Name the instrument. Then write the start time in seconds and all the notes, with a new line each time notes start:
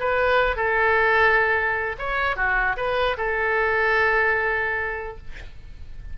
oboe
0.00 B4
0.56 A4
1.99 C#5
2.36 F#4
2.77 B4
3.17 A4